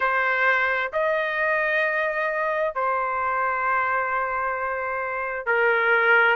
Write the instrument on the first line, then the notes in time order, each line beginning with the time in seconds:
trumpet
0.00 C5
0.93 D#5
2.74 C5
5.45 A#4